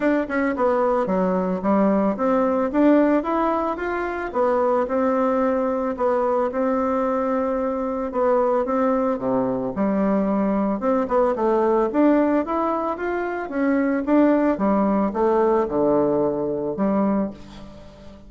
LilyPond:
\new Staff \with { instrumentName = "bassoon" } { \time 4/4 \tempo 4 = 111 d'8 cis'8 b4 fis4 g4 | c'4 d'4 e'4 f'4 | b4 c'2 b4 | c'2. b4 |
c'4 c4 g2 | c'8 b8 a4 d'4 e'4 | f'4 cis'4 d'4 g4 | a4 d2 g4 | }